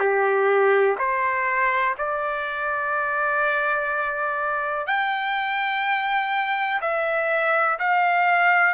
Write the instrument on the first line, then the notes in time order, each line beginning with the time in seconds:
trumpet
0.00 G4
0.99 C5
1.98 D5
4.87 G5
6.82 E5
7.80 F5